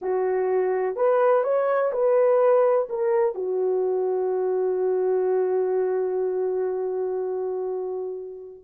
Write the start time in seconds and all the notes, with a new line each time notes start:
0.01 F#4
0.96 B4
1.43 C#5
1.92 B4
2.89 A#4
3.35 F#4